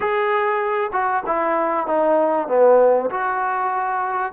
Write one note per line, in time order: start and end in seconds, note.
0.00 0.91 G#4
0.92 1.23 F#4
1.26 1.86 E4
1.86 2.48 D#4
2.48 3.10 B3
3.10 4.32 F#4